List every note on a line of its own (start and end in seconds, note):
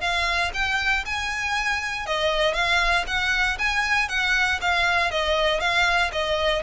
0.00 0.51 F5
0.53 1.04 G5
1.05 2.06 G#5
2.06 2.53 D#5
2.53 3.04 F5
3.06 3.57 F#5
3.58 4.08 G#5
4.08 4.59 F#5
4.61 5.11 F5
5.11 5.60 D#5
5.60 6.11 F5
6.12 6.62 D#5